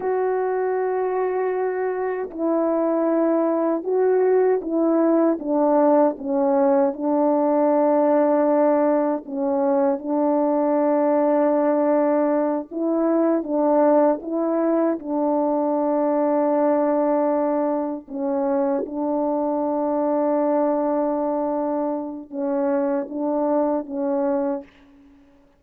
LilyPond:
\new Staff \with { instrumentName = "horn" } { \time 4/4 \tempo 4 = 78 fis'2. e'4~ | e'4 fis'4 e'4 d'4 | cis'4 d'2. | cis'4 d'2.~ |
d'8 e'4 d'4 e'4 d'8~ | d'2.~ d'8 cis'8~ | cis'8 d'2.~ d'8~ | d'4 cis'4 d'4 cis'4 | }